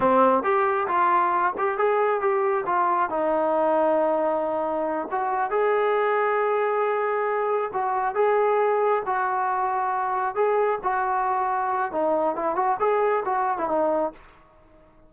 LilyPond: \new Staff \with { instrumentName = "trombone" } { \time 4/4 \tempo 4 = 136 c'4 g'4 f'4. g'8 | gis'4 g'4 f'4 dis'4~ | dis'2.~ dis'8 fis'8~ | fis'8 gis'2.~ gis'8~ |
gis'4. fis'4 gis'4.~ | gis'8 fis'2. gis'8~ | gis'8 fis'2~ fis'8 dis'4 | e'8 fis'8 gis'4 fis'8. e'16 dis'4 | }